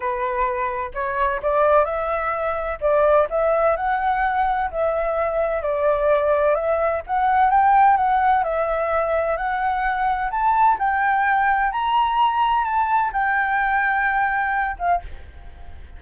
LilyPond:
\new Staff \with { instrumentName = "flute" } { \time 4/4 \tempo 4 = 128 b'2 cis''4 d''4 | e''2 d''4 e''4 | fis''2 e''2 | d''2 e''4 fis''4 |
g''4 fis''4 e''2 | fis''2 a''4 g''4~ | g''4 ais''2 a''4 | g''2.~ g''8 f''8 | }